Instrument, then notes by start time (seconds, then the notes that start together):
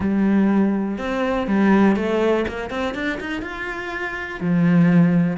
cello
0.00 G3
0.97 C4
1.47 G3
1.96 A3
2.47 A#3
2.70 C4
2.94 D4
3.20 D#4
3.42 F4
4.40 F3